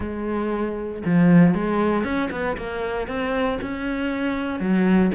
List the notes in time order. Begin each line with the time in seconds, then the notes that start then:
0.00 G#3
1.05 F3
1.54 G#3
2.04 C#4
2.31 B3
2.57 A#3
3.07 C4
3.61 C#4
4.60 F#3